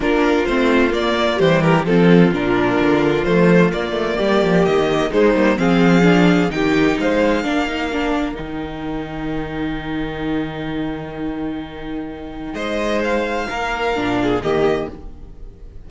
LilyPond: <<
  \new Staff \with { instrumentName = "violin" } { \time 4/4 \tempo 4 = 129 ais'4 c''4 d''4 c''8 ais'8 | a'4 ais'2 c''4 | d''2 dis''4 c''4 | f''2 g''4 f''4~ |
f''2 g''2~ | g''1~ | g''2. dis''4 | f''2. dis''4 | }
  \new Staff \with { instrumentName = "violin" } { \time 4/4 f'2. g'4 | f'1~ | f'4 g'2 dis'4 | gis'2 g'4 c''4 |
ais'1~ | ais'1~ | ais'2. c''4~ | c''4 ais'4. gis'8 g'4 | }
  \new Staff \with { instrumentName = "viola" } { \time 4/4 d'4 c'4 ais4 g4 | c'4 d'2 a4 | ais2. gis8 ais8 | c'4 d'4 dis'2 |
d'8 dis'8 d'4 dis'2~ | dis'1~ | dis'1~ | dis'2 d'4 ais4 | }
  \new Staff \with { instrumentName = "cello" } { \time 4/4 ais4 a4 ais4 e4 | f4 ais,4 d4 f4 | ais8 a8 g8 f8 dis4 gis8 g8 | f2 dis4 gis4 |
ais2 dis2~ | dis1~ | dis2. gis4~ | gis4 ais4 ais,4 dis4 | }
>>